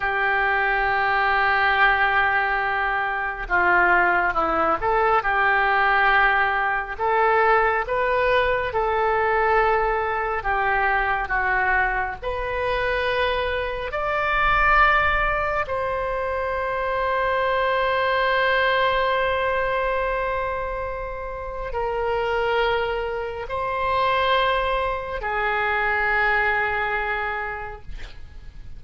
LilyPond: \new Staff \with { instrumentName = "oboe" } { \time 4/4 \tempo 4 = 69 g'1 | f'4 e'8 a'8 g'2 | a'4 b'4 a'2 | g'4 fis'4 b'2 |
d''2 c''2~ | c''1~ | c''4 ais'2 c''4~ | c''4 gis'2. | }